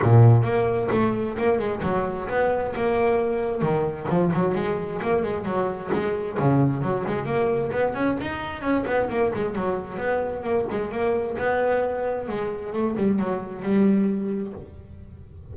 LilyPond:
\new Staff \with { instrumentName = "double bass" } { \time 4/4 \tempo 4 = 132 ais,4 ais4 a4 ais8 gis8 | fis4 b4 ais2 | dis4 f8 fis8 gis4 ais8 gis8 | fis4 gis4 cis4 fis8 gis8 |
ais4 b8 cis'8 dis'4 cis'8 b8 | ais8 gis8 fis4 b4 ais8 gis8 | ais4 b2 gis4 | a8 g8 fis4 g2 | }